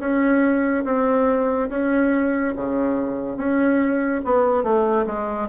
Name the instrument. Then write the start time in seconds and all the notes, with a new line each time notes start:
bassoon
0.00 C#4
0.85 C4
1.70 C#4
2.57 C#3
3.38 C#4
4.25 B3
4.64 A3
5.07 G#3